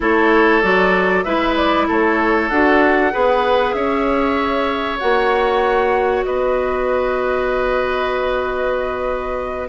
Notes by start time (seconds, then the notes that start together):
0.00 A3 E4 A4 C#5
0.61 F#3 F#4 D5
1.23 G#3 E4 B4 E5
1.56 D5
1.87 A3 A4 C#5
2.49 D4 F#4 F#5
3.11 B3 G#4 B4
3.73 C#4 C#5 E5
4.99 A#3 F#4 F#5
6.24 B3 B4 D#5